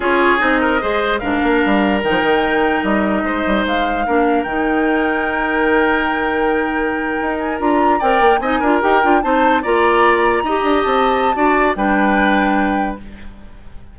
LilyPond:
<<
  \new Staff \with { instrumentName = "flute" } { \time 4/4 \tempo 4 = 148 cis''4 dis''2 f''4~ | f''4 g''2 dis''4~ | dis''4 f''2 g''4~ | g''1~ |
g''2~ g''16 gis''8 ais''4 g''16~ | g''8. gis''4 g''4 a''4 ais''16~ | ais''2~ ais''8. a''4~ a''16~ | a''4 g''2. | }
  \new Staff \with { instrumentName = "oboe" } { \time 4/4 gis'4. ais'8 c''4 ais'4~ | ais'1 | c''2 ais'2~ | ais'1~ |
ais'2.~ ais'8. d''16~ | d''8. dis''8 ais'4. c''4 d''16~ | d''4.~ d''16 dis''2~ dis''16 | d''4 b'2. | }
  \new Staff \with { instrumentName = "clarinet" } { \time 4/4 f'4 dis'4 gis'4 d'4~ | d'4 dis'2.~ | dis'2 d'4 dis'4~ | dis'1~ |
dis'2~ dis'8. f'4 ais'16~ | ais'8. dis'8 f'8 g'8 f'8 dis'4 f'16~ | f'4.~ f'16 g'2~ g'16 | fis'4 d'2. | }
  \new Staff \with { instrumentName = "bassoon" } { \time 4/4 cis'4 c'4 gis4 gis,8 ais8 | g4 dis16 f16 dis4. g4 | gis8 g8 gis4 ais4 dis4~ | dis1~ |
dis4.~ dis16 dis'4 d'4 c'16~ | c'16 ais8 c'8 d'8 dis'8 d'8 c'4 ais16~ | ais4.~ ais16 dis'8 d'8 c'4~ c'16 | d'4 g2. | }
>>